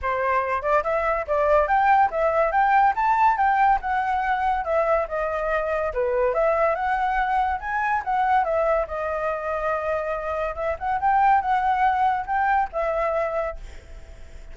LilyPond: \new Staff \with { instrumentName = "flute" } { \time 4/4 \tempo 4 = 142 c''4. d''8 e''4 d''4 | g''4 e''4 g''4 a''4 | g''4 fis''2 e''4 | dis''2 b'4 e''4 |
fis''2 gis''4 fis''4 | e''4 dis''2.~ | dis''4 e''8 fis''8 g''4 fis''4~ | fis''4 g''4 e''2 | }